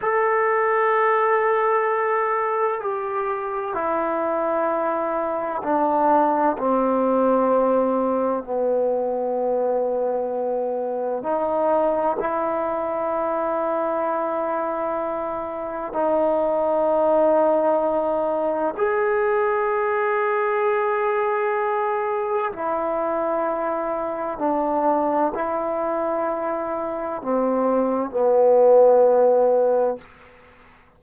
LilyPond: \new Staff \with { instrumentName = "trombone" } { \time 4/4 \tempo 4 = 64 a'2. g'4 | e'2 d'4 c'4~ | c'4 b2. | dis'4 e'2.~ |
e'4 dis'2. | gis'1 | e'2 d'4 e'4~ | e'4 c'4 b2 | }